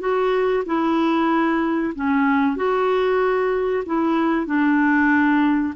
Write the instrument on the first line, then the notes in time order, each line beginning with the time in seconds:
clarinet
0.00 F#4
0.66 E4
1.95 C#4
2.56 F#4
3.86 E4
4.46 D4